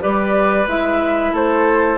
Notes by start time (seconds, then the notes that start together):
0.00 G3 G4 B4 D5
0.66 G#3 E4 E5
1.33 A3 A4 C5